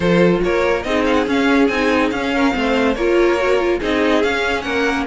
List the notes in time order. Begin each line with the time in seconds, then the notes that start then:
0.00 F3 F4 A4 C5
0.43 A#3 A#4 C#5
0.82 C4 D#4 G#4 D#5
1.04 F5
1.14 F#5
1.26 C#4 F5
1.67 C4 D#4 G#5
2.10 C#4 F5
2.33 A#4
2.51 A3 C4
2.58 C5
2.94 A#3 F4 A#4 C#5
3.38 F#4
3.59 F4
3.79 C4 D#4 G#4 D#5
4.23 C#4 F5
4.61 A#3 A#4 F#5